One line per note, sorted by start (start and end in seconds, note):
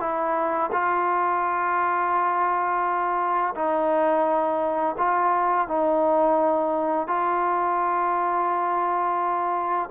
0.00 0.71 E4
0.72 3.55 F4
3.55 4.96 D#4
4.98 5.68 F4
5.68 7.07 D#4
7.07 9.90 F4